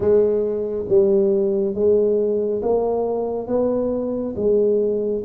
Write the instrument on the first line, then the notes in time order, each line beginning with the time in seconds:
tuba
0.00 G#3
0.88 G3
1.74 G#3
2.62 A#3
3.47 B3
4.36 G#3